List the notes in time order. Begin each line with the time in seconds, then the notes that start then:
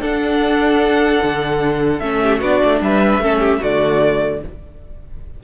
0.00 D4 A4 F#5
1.23 D3
2.00 A3 C#4 E5
2.23 G4
2.38 B3 D4 F#4 D5
2.65 A3
2.81 G3 B4 E5
3.19 A3 C#4 A4
3.40 G4
3.60 D3 A3 F#4 D5